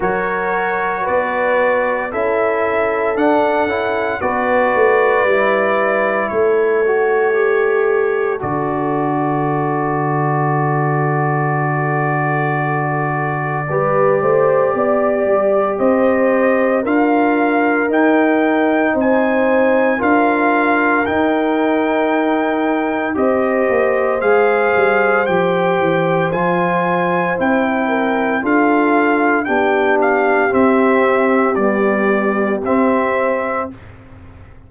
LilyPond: <<
  \new Staff \with { instrumentName = "trumpet" } { \time 4/4 \tempo 4 = 57 cis''4 d''4 e''4 fis''4 | d''2 cis''2 | d''1~ | d''2. dis''4 |
f''4 g''4 gis''4 f''4 | g''2 dis''4 f''4 | g''4 gis''4 g''4 f''4 | g''8 f''8 e''4 d''4 e''4 | }
  \new Staff \with { instrumentName = "horn" } { \time 4/4 ais'4 b'4 a'2 | b'2 a'2~ | a'1~ | a'4 b'8 c''8 d''4 c''4 |
ais'2 c''4 ais'4~ | ais'2 c''2~ | c''2~ c''8 ais'8 a'4 | g'1 | }
  \new Staff \with { instrumentName = "trombone" } { \time 4/4 fis'2 e'4 d'8 e'8 | fis'4 e'4. fis'8 g'4 | fis'1~ | fis'4 g'2. |
f'4 dis'2 f'4 | dis'2 g'4 gis'4 | g'4 f'4 e'4 f'4 | d'4 c'4 g4 c'4 | }
  \new Staff \with { instrumentName = "tuba" } { \time 4/4 fis4 b4 cis'4 d'8 cis'8 | b8 a8 g4 a2 | d1~ | d4 g8 a8 b8 g8 c'4 |
d'4 dis'4 c'4 d'4 | dis'2 c'8 ais8 gis8 g8 | f8 e8 f4 c'4 d'4 | b4 c'4 b4 c'4 | }
>>